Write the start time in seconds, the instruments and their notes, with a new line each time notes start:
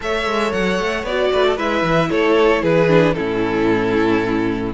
0.00 cello A3, viola A4, violin C#5 E5
0.26 cello G#3
0.52 cello F#3, violin F#5
0.79 cello A3
1.03 cello B3, viola F#4, violin D5
1.32 cello A3, violin B4
1.46 violin A4
1.56 cello G#3, viola E4, violin B4 E5
1.82 cello E3
2.10 cello A3, violin A4 C#5
2.62 cello E3, violin G#4 B4
2.88 viola D4
3.14 cello A2, viola C#4, violin E4 A4